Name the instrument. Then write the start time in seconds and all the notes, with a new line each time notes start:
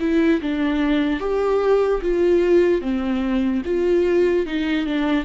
viola
0.00 E4
0.41 D4
1.20 G4
2.02 F4
2.82 C4
3.65 F4
4.46 D#4
4.86 D4